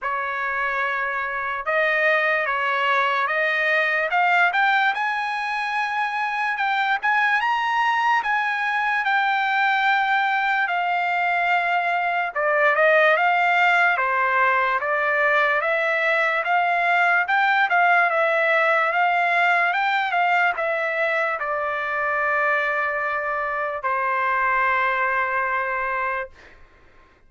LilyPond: \new Staff \with { instrumentName = "trumpet" } { \time 4/4 \tempo 4 = 73 cis''2 dis''4 cis''4 | dis''4 f''8 g''8 gis''2 | g''8 gis''8 ais''4 gis''4 g''4~ | g''4 f''2 d''8 dis''8 |
f''4 c''4 d''4 e''4 | f''4 g''8 f''8 e''4 f''4 | g''8 f''8 e''4 d''2~ | d''4 c''2. | }